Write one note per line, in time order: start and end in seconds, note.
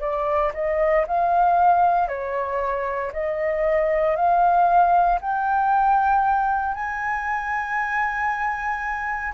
0.00 0.52 D5
0.54 1.05 D#5
1.07 2.08 F5
2.08 3.11 C#5
3.13 4.16 D#5
4.16 5.19 F5
5.21 6.74 G5
6.74 9.33 G#5